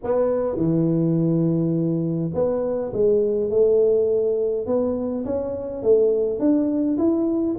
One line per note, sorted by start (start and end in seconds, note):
0.03 0.56 B3
0.56 2.31 E3
2.34 2.92 B3
2.93 3.50 G#3
3.50 4.66 A3
4.66 5.24 B3
5.25 5.82 C#4
5.82 6.39 A3
6.39 6.97 D4
6.97 7.56 E4